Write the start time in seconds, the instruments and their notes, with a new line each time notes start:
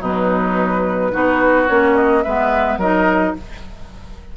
0.00 bassoon B2, clarinet F#3, oboe D#4, flute B4
1.12 bassoon B3, clarinet D#4, oboe F#4
1.67 bassoon A#3, clarinet C#4, flute C#5
1.95 flute D#5
2.23 bassoon G#3, clarinet B3, oboe B4, flute E5
2.77 bassoon F#3, clarinet D#4, oboe A#4, flute D#5